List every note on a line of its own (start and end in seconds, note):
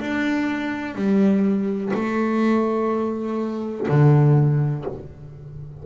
0.00 0.95 D4
0.95 1.92 G3
1.94 3.88 A3
3.88 4.85 D3